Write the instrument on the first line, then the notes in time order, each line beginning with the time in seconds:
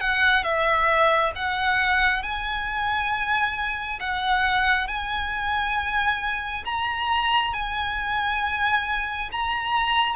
violin
0.00 F#5
0.43 E5
1.35 F#5
2.23 G#5
3.99 F#5
4.87 G#5
6.65 A#5
7.53 G#5
9.32 A#5